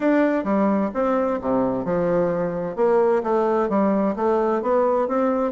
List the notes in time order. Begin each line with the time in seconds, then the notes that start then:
0.00 D4
0.44 G3
0.94 C4
1.41 C3
1.84 F3
2.76 A#3
3.23 A3
3.69 G3
4.16 A3
4.62 B3
5.08 C4